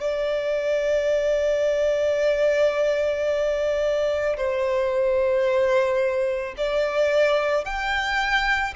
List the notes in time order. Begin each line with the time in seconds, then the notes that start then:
0.00 D5
4.36 C5
6.57 D5
7.65 G5